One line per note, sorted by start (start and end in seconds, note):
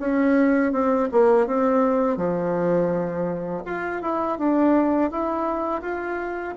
0.00 0.73 C#4
0.73 1.09 C4
1.12 1.47 A#3
1.47 2.17 C4
2.17 3.64 F3
3.66 4.02 F4
4.02 4.39 E4
4.39 5.11 D4
5.11 5.82 E4
5.82 6.55 F4